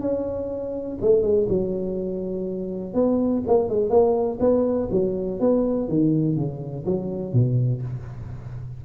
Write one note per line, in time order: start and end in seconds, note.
0.00 0.98 C#4
1.01 1.22 A3
1.22 1.47 G#3
1.49 2.94 F#3
2.94 3.42 B3
3.47 3.69 A#3
3.69 3.89 G#3
3.89 4.38 A#3
4.40 4.88 B3
4.91 5.40 F#3
5.40 5.88 B3
5.88 6.36 D#3
6.36 6.85 C#3
6.85 7.33 F#3
7.33 7.82 B2